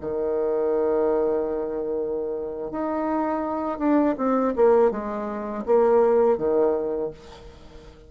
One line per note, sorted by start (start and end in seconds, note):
0.00 2.70 D#3
2.70 3.78 D#4
3.78 4.15 D4
4.17 4.54 C4
4.55 4.91 A#3
4.91 5.64 G#3
5.65 6.37 A#3
6.37 7.10 D#3